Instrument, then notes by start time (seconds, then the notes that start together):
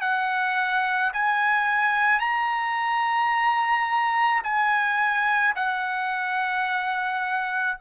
trumpet
0.00 F#5
1.13 G#5
2.19 A#5
4.43 G#5
5.56 F#5